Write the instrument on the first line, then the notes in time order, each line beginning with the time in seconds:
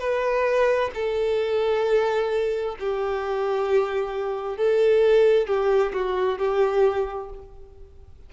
violin
0.00 B4
0.95 A4
2.80 G4
4.57 A4
5.48 G4
5.93 F#4
6.39 G4